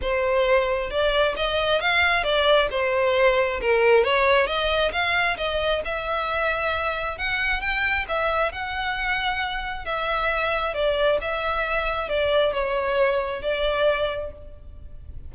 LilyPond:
\new Staff \with { instrumentName = "violin" } { \time 4/4 \tempo 4 = 134 c''2 d''4 dis''4 | f''4 d''4 c''2 | ais'4 cis''4 dis''4 f''4 | dis''4 e''2. |
fis''4 g''4 e''4 fis''4~ | fis''2 e''2 | d''4 e''2 d''4 | cis''2 d''2 | }